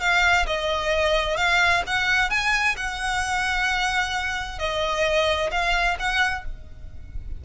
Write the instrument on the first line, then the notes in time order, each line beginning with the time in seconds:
violin
0.00 F5
0.46 D#5
1.37 F5
1.87 F#5
2.30 G#5
2.77 F#5
4.59 D#5
5.51 F5
5.99 F#5